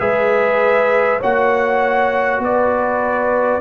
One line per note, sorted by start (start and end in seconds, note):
0.00 1.21 G#3
0.00 1.20 G#4
0.00 1.20 B4
0.00 1.20 E5
1.20 2.39 A#3
1.20 3.61 F#4
1.20 2.40 C#5
1.20 2.43 F#5
2.39 3.59 B3
2.39 3.61 B4
2.39 3.61 D5